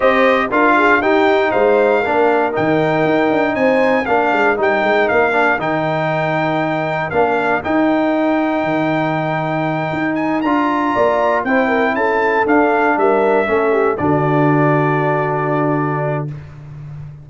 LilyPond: <<
  \new Staff \with { instrumentName = "trumpet" } { \time 4/4 \tempo 4 = 118 dis''4 f''4 g''4 f''4~ | f''4 g''2 gis''4 | f''4 g''4 f''4 g''4~ | g''2 f''4 g''4~ |
g''1 | gis''8 ais''2 g''4 a''8~ | a''8 f''4 e''2 d''8~ | d''1 | }
  \new Staff \with { instrumentName = "horn" } { \time 4/4 c''4 ais'8 gis'8 g'4 c''4 | ais'2. c''4 | ais'1~ | ais'1~ |
ais'1~ | ais'4. d''4 c''8 ais'8 a'8~ | a'4. ais'4 a'8 g'8 fis'8~ | fis'1 | }
  \new Staff \with { instrumentName = "trombone" } { \time 4/4 g'4 f'4 dis'2 | d'4 dis'2. | d'4 dis'4. d'8 dis'4~ | dis'2 d'4 dis'4~ |
dis'1~ | dis'8 f'2 e'4.~ | e'8 d'2 cis'4 d'8~ | d'1 | }
  \new Staff \with { instrumentName = "tuba" } { \time 4/4 c'4 d'4 dis'4 gis4 | ais4 dis4 dis'8 d'8 c'4 | ais8 gis8 g8 gis8 ais4 dis4~ | dis2 ais4 dis'4~ |
dis'4 dis2~ dis8 dis'8~ | dis'8 d'4 ais4 c'4 cis'8~ | cis'8 d'4 g4 a4 d8~ | d1 | }
>>